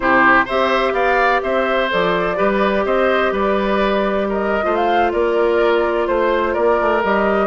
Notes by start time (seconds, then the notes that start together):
0.00 C3 E4 G4 C5
0.45 C4 G4 C5 E5
0.93 B3 D5 F5
1.42 C4 C5 E5
1.89 F3 A4 D5
2.36 G3 G4 B4
2.85 C4 C5 D#5
3.32 G3 B4 D5
4.29 A#4 D#5
4.62 A3 F4 C5
4.76 F5
5.12 A#3 A#4 D5
6.07 A3 C5
6.53 A#3 A#4 D5
6.80 A3
7.03 G3 G4 D#5